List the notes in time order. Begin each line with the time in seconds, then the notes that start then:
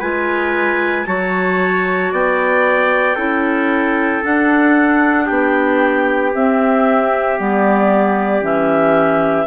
0.00 G#3 F4 B4 G#5
1.06 F#3 F#4 C#5 A5
2.12 B3 D5 G5
3.15 C#4 E4 A4
4.22 D4 F#5
5.26 B3 G4 G5
6.34 C4 E5
7.38 G3 B3 D5
8.42 E3 C#4 E5